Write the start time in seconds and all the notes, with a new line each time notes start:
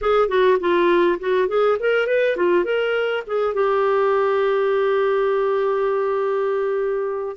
0.01 G#4
0.28 F#4
0.60 F4
1.19 F#4
1.48 G#4
1.79 A#4
2.06 B4
2.36 F4
2.64 A#4
3.26 G#4
3.54 G4